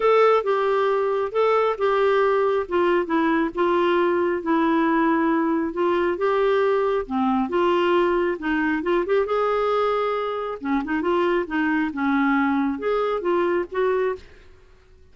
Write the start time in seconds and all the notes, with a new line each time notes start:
0.00 A4
0.43 G4
1.32 A4
1.78 G4
2.68 F4
3.06 E4
3.55 F4
4.42 E4
5.73 F4
6.17 G4
7.06 C4
7.49 F4
8.38 D#4
8.82 F4
9.05 G4
9.26 G#4
10.60 C#4
10.84 D#4
11.01 F4
11.46 D#4
11.93 C#4
12.79 G#4
13.21 F4
13.71 F#4